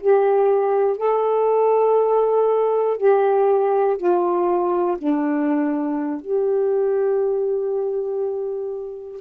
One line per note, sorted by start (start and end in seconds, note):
0.00 0.97 G4
0.97 2.97 A4
2.97 3.97 G4
3.97 4.97 F4
4.98 6.21 D4
6.21 9.20 G4